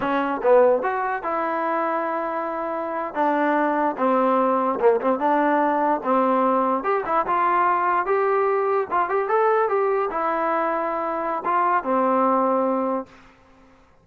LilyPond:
\new Staff \with { instrumentName = "trombone" } { \time 4/4 \tempo 4 = 147 cis'4 b4 fis'4 e'4~ | e'2.~ e'8. d'16~ | d'4.~ d'16 c'2 ais16~ | ais16 c'8 d'2 c'4~ c'16~ |
c'8. g'8 e'8 f'2 g'16~ | g'4.~ g'16 f'8 g'8 a'4 g'16~ | g'8. e'2.~ e'16 | f'4 c'2. | }